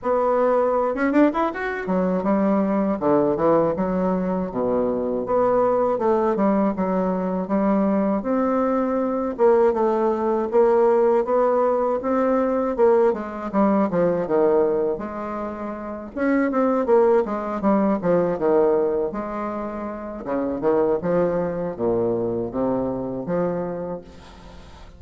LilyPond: \new Staff \with { instrumentName = "bassoon" } { \time 4/4 \tempo 4 = 80 b4~ b16 cis'16 d'16 e'16 fis'8 fis8 g4 | d8 e8 fis4 b,4 b4 | a8 g8 fis4 g4 c'4~ | c'8 ais8 a4 ais4 b4 |
c'4 ais8 gis8 g8 f8 dis4 | gis4. cis'8 c'8 ais8 gis8 g8 | f8 dis4 gis4. cis8 dis8 | f4 ais,4 c4 f4 | }